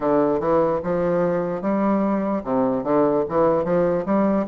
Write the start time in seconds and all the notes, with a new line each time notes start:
0.00 D3
0.39 E3
0.83 F3
1.61 G3
2.43 C3
2.83 D3
3.28 E3
3.64 F3
4.05 G3